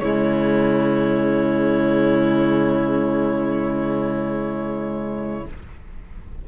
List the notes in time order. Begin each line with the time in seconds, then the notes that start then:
0.00 C#3 G#3 E4 C#5